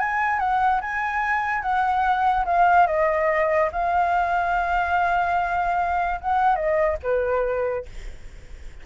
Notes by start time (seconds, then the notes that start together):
0.00 G#5
0.40 F#5
0.82 G#5
1.62 F#5
2.46 F5
2.87 D#5
3.72 F5
6.21 F#5
6.56 D#5
7.03 B4